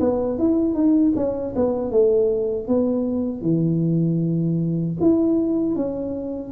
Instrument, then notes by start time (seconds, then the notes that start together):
tuba
0.00 B3
0.38 E4
0.74 D#4
1.16 C#4
1.55 B3
1.91 A3
2.67 B3
3.41 E3
5.00 E4
5.75 C#4